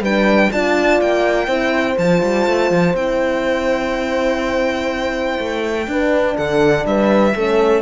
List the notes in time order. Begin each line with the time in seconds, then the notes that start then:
0.00 G3 D4 B4 G5
0.52 D4 F4 D5 A5
1.01 A#3 G5
1.47 C4 E4 C5
1.98 F3 F4 A5
2.23 G3
2.47 A3
2.71 F3
2.94 C4 E4 G5
5.39 A3
5.88 D4 B4
6.37 D3 A4 F#5
6.86 G3 B4 E5
7.35 A3 C#4 A4